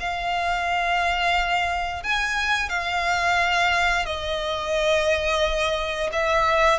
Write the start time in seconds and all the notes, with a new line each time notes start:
0.00 F5
2.03 G#5
2.69 F5
4.05 D#5
6.13 E5